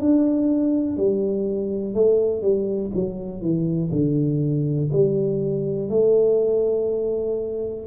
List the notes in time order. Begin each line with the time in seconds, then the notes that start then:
0.00 D4
0.97 G3
1.94 A3
2.41 G3
2.94 F#3
3.41 E3
3.92 D3
4.92 G3
5.89 A3